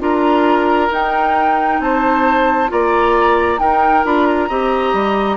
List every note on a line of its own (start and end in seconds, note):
0.00 0.90 D4
0.00 0.90 F4
0.00 1.81 A#4
0.00 0.93 A#5
0.90 2.68 D#4
0.90 1.80 D#4
0.90 1.81 G5
1.80 2.69 C4
1.80 2.71 C5
1.80 2.71 A5
2.68 3.59 A#3
2.68 3.58 F4
2.68 3.60 D5
2.68 3.59 A#5
3.59 4.03 D#4
3.59 4.04 D#4
3.59 4.49 A#4
3.59 4.04 G5
4.05 4.49 D4
4.05 4.49 F4
4.05 4.27 B5
4.27 5.37 A#5
4.49 4.93 C4
4.49 5.37 G4
4.49 5.37 D#5
4.93 5.37 G3